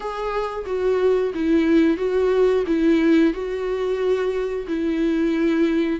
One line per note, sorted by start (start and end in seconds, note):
0.00 0.65 G#4
0.66 1.32 F#4
1.34 1.97 E4
1.97 2.64 F#4
2.66 3.33 E4
3.33 4.67 F#4
4.67 5.99 E4